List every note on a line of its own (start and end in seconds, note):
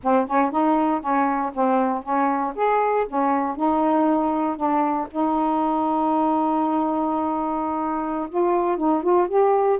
0.03 0.26 C4
0.26 0.51 C#4
0.51 1.00 D#4
1.00 1.51 C#4
1.53 2.02 C4
2.02 2.53 C#4
2.55 3.06 G#4
3.07 3.55 C#4
3.55 4.56 D#4
4.56 5.07 D4
5.11 8.28 D#4
8.29 8.77 F4
8.77 9.02 D#4
9.02 9.28 F4
9.28 9.79 G4